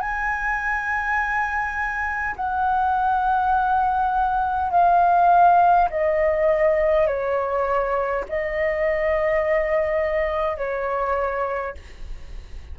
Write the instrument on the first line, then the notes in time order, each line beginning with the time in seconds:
flute
0.00 G#5
2.36 F#5
4.71 F5
5.90 D#5
7.06 C#5
8.29 D#5
10.57 C#5